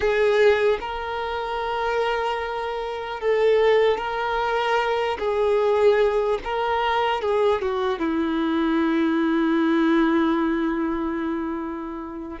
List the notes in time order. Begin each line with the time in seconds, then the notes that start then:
0.00 G#4
0.80 A#4
3.20 A4
3.97 A#4
5.19 G#4
6.44 A#4
7.21 G#4
7.61 F#4
7.99 E4